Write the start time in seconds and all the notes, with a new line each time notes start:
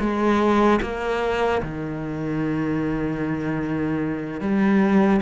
0.00 G#3
0.82 A#3
1.63 D#3
4.41 G3